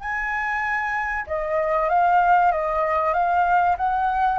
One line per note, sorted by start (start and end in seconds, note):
0.00 1.25 G#5
1.26 1.89 D#5
1.89 2.51 F5
2.51 3.13 D#5
3.13 3.76 F5
3.77 4.38 F#5